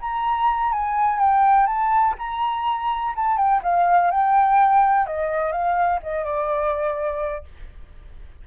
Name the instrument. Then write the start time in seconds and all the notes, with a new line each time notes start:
flute
0.00 A#5
0.72 G#5
1.18 G5
1.66 A5
2.18 A#5
3.15 A5
3.37 G5
3.63 F5
4.11 G5
5.06 D#5
5.52 F5
6.03 D#5
6.24 D5